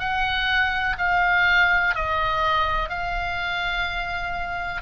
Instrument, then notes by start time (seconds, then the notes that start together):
oboe
0.00 F#5
0.99 F5
1.95 D#5
2.89 F5